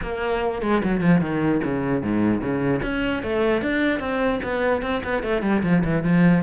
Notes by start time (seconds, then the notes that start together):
0.02 A#3
0.62 G#3
0.83 F#3
1.00 F3
1.20 D#3
1.64 C#3
2.03 G#2
2.41 C#3
2.82 C#4
3.23 A3
3.61 D4
3.99 C4
4.43 B3
4.82 C4
5.04 B3
5.22 A3
5.42 G3
5.62 F3
5.84 E3
6.03 F3